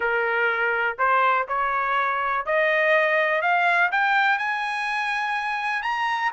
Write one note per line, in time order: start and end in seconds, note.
0.00 0.97 A#4
0.98 1.47 C5
1.48 2.45 C#5
2.45 3.41 D#5
3.41 3.90 F5
3.91 4.38 G5
4.38 5.82 G#5
5.82 6.31 A#5